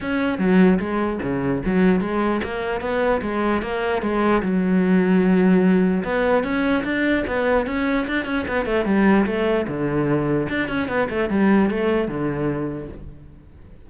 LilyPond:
\new Staff \with { instrumentName = "cello" } { \time 4/4 \tempo 4 = 149 cis'4 fis4 gis4 cis4 | fis4 gis4 ais4 b4 | gis4 ais4 gis4 fis4~ | fis2. b4 |
cis'4 d'4 b4 cis'4 | d'8 cis'8 b8 a8 g4 a4 | d2 d'8 cis'8 b8 a8 | g4 a4 d2 | }